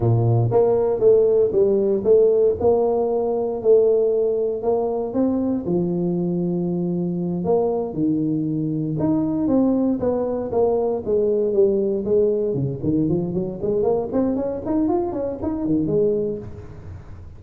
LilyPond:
\new Staff \with { instrumentName = "tuba" } { \time 4/4 \tempo 4 = 117 ais,4 ais4 a4 g4 | a4 ais2 a4~ | a4 ais4 c'4 f4~ | f2~ f8 ais4 dis8~ |
dis4. dis'4 c'4 b8~ | b8 ais4 gis4 g4 gis8~ | gis8 cis8 dis8 f8 fis8 gis8 ais8 c'8 | cis'8 dis'8 f'8 cis'8 dis'8 dis8 gis4 | }